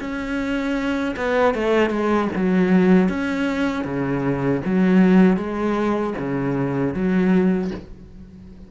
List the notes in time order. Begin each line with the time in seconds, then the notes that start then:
0.00 C#4
1.16 B3
1.54 A3
1.90 G#3
2.35 F#3
3.09 C#4
3.84 C#3
4.65 F#3
5.37 G#3
6.19 C#3
6.94 F#3